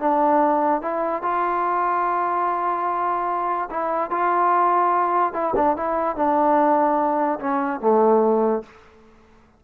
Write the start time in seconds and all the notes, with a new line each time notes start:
0.00 D4
0.82 E4
1.23 F4
3.71 E4
4.11 F4
5.34 E4
5.56 D4
5.77 E4
6.16 D4
7.40 C#4
7.81 A3